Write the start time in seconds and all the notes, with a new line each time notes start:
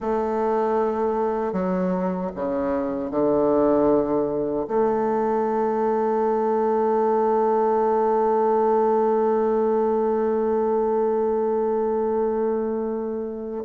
0.00 A3
1.53 F#3
2.36 C#3
3.10 D3
4.68 A3